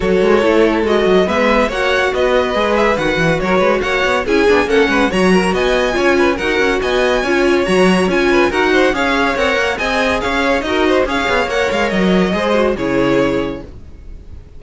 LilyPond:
<<
  \new Staff \with { instrumentName = "violin" } { \time 4/4 \tempo 4 = 141 cis''2 dis''4 e''4 | fis''4 dis''4. e''8 fis''4 | cis''4 fis''4 gis''4 fis''4 | ais''4 gis''2 fis''4 |
gis''2 ais''4 gis''4 | fis''4 f''4 fis''4 gis''4 | f''4 dis''4 f''4 fis''8 f''8 | dis''2 cis''2 | }
  \new Staff \with { instrumentName = "violin" } { \time 4/4 a'2. b'4 | cis''4 b'2. | ais'8 b'8 cis''4 gis'4 a'8 b'8 | cis''8 ais'8 dis''4 cis''8 b'8 ais'4 |
dis''4 cis''2~ cis''8 b'8 | ais'8 c''8 cis''2 dis''4 | cis''4 ais'8 c''8 cis''2~ | cis''4 c''4 gis'2 | }
  \new Staff \with { instrumentName = "viola" } { \time 4/4 fis'4 e'4 fis'4 b4 | fis'2 gis'4 fis'4~ | fis'2 e'8 d'8 cis'4 | fis'2 f'4 fis'4~ |
fis'4 f'4 fis'4 f'4 | fis'4 gis'4 ais'4 gis'4~ | gis'4 fis'4 gis'4 ais'4~ | ais'4 gis'8 fis'8 e'2 | }
  \new Staff \with { instrumentName = "cello" } { \time 4/4 fis8 gis8 a4 gis8 fis8 gis4 | ais4 b4 gis4 dis8 e8 | fis8 gis8 ais8 b8 cis'8 b8 ais8 gis8 | fis4 b4 cis'4 dis'8 cis'8 |
b4 cis'4 fis4 cis'4 | dis'4 cis'4 c'8 ais8 c'4 | cis'4 dis'4 cis'8 b8 ais8 gis8 | fis4 gis4 cis2 | }
>>